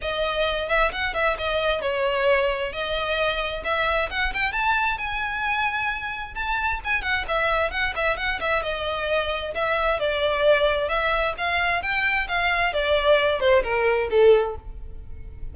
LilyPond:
\new Staff \with { instrumentName = "violin" } { \time 4/4 \tempo 4 = 132 dis''4. e''8 fis''8 e''8 dis''4 | cis''2 dis''2 | e''4 fis''8 g''8 a''4 gis''4~ | gis''2 a''4 gis''8 fis''8 |
e''4 fis''8 e''8 fis''8 e''8 dis''4~ | dis''4 e''4 d''2 | e''4 f''4 g''4 f''4 | d''4. c''8 ais'4 a'4 | }